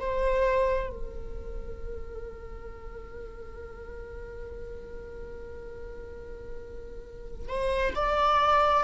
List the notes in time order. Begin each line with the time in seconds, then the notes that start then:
0.00 C5
0.90 A#4
7.48 C5
7.95 D5